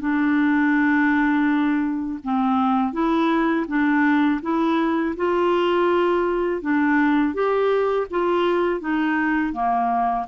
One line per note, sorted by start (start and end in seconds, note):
0.00 2.20 D4
2.24 2.93 C4
2.93 3.66 E4
3.68 4.41 D4
4.42 5.15 E4
5.17 6.62 F4
6.62 7.34 D4
7.34 8.07 G4
8.11 8.81 F4
8.81 9.53 D#4
9.53 10.26 A#3